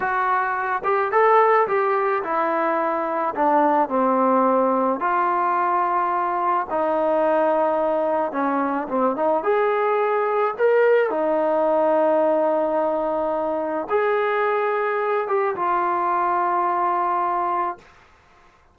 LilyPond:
\new Staff \with { instrumentName = "trombone" } { \time 4/4 \tempo 4 = 108 fis'4. g'8 a'4 g'4 | e'2 d'4 c'4~ | c'4 f'2. | dis'2. cis'4 |
c'8 dis'8 gis'2 ais'4 | dis'1~ | dis'4 gis'2~ gis'8 g'8 | f'1 | }